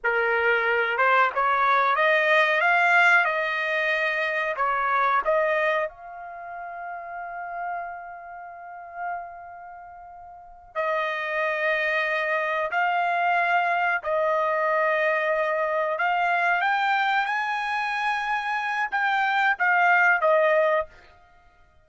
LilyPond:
\new Staff \with { instrumentName = "trumpet" } { \time 4/4 \tempo 4 = 92 ais'4. c''8 cis''4 dis''4 | f''4 dis''2 cis''4 | dis''4 f''2.~ | f''1~ |
f''8 dis''2. f''8~ | f''4. dis''2~ dis''8~ | dis''8 f''4 g''4 gis''4.~ | gis''4 g''4 f''4 dis''4 | }